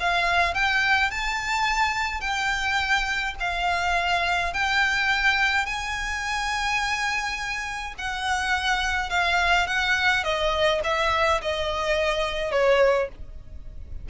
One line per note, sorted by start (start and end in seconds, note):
0.00 0.54 F5
0.54 1.11 G5
1.11 2.21 A5
2.21 3.35 G5
3.40 4.54 F5
4.54 5.66 G5
5.66 7.95 G#5
7.98 9.10 F#5
9.10 9.67 F5
9.67 10.24 F#5
10.24 10.81 D#5
10.84 11.41 E5
11.42 12.51 D#5
12.51 13.09 C#5